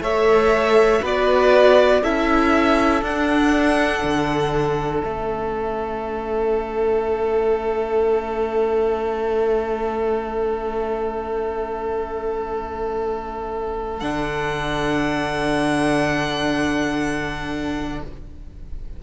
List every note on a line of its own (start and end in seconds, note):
0.00 1.00 A3
0.00 1.02 A4
0.00 1.02 C#5
0.00 1.03 E5
1.02 2.03 B3
1.02 2.02 F#4
1.02 2.02 B4
1.02 2.03 D5
2.03 3.02 C#4
2.03 3.03 E4
2.03 18.03 A4
2.03 3.03 E5
3.02 4.02 D4
3.02 5.02 D4
3.02 5.03 F#5
4.03 5.03 D3
5.02 14.02 A3
5.02 14.01 C#4
5.02 13.99 E5
13.99 18.02 D3
13.99 18.01 D4
13.99 17.99 F#5